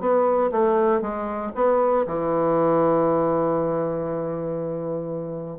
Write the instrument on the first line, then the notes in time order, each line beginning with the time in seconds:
bassoon
0.00 B3
0.51 A3
1.01 G#3
1.55 B3
2.06 E3